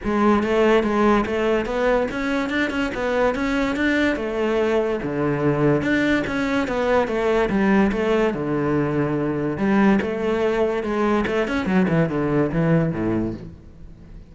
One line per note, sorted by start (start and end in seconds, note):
0.04 0.43 G#3
0.43 0.83 A3
0.83 1.24 G#3
1.26 1.65 A3
1.65 2.07 B3
2.11 2.49 C#4
2.49 2.70 D4
2.70 2.91 C#4
2.94 3.34 B3
3.34 3.76 C#4
3.76 4.16 D4
4.16 4.99 A3
5.02 5.82 D3
5.82 6.23 D4
6.27 6.67 C#4
6.67 7.07 B3
7.07 7.49 A3
7.49 7.91 G3
7.92 8.33 A3
8.34 9.57 D3
9.57 9.99 G3
10.01 10.83 A3
10.83 11.24 G#3
11.27 11.47 A3
11.47 11.66 C#4
11.66 11.86 F#3
11.88 12.09 E3
12.09 12.51 D3
12.52 12.92 E3
12.92 13.34 A2